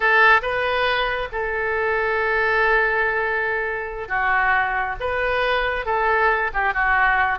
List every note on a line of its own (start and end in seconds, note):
0.00 0.41 A4
0.42 1.28 B4
1.31 4.08 A4
4.08 4.95 F#4
5.00 5.85 B4
5.85 6.51 A4
6.53 6.73 G4
6.73 7.38 F#4